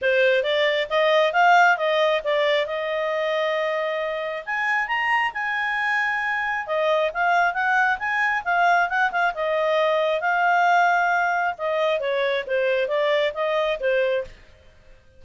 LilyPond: \new Staff \with { instrumentName = "clarinet" } { \time 4/4 \tempo 4 = 135 c''4 d''4 dis''4 f''4 | dis''4 d''4 dis''2~ | dis''2 gis''4 ais''4 | gis''2. dis''4 |
f''4 fis''4 gis''4 f''4 | fis''8 f''8 dis''2 f''4~ | f''2 dis''4 cis''4 | c''4 d''4 dis''4 c''4 | }